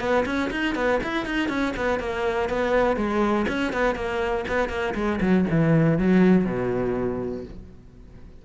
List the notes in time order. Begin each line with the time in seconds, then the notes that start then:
0.00 B3
0.25 C#4
0.51 D#4
0.75 B3
1.03 E4
1.26 D#4
1.49 C#4
1.76 B3
2.00 A#3
2.49 B3
2.96 G#3
3.48 C#4
3.73 B3
3.95 A#3
4.48 B3
4.69 A#3
4.95 G#3
5.21 F#3
5.50 E3
5.98 F#3
6.45 B2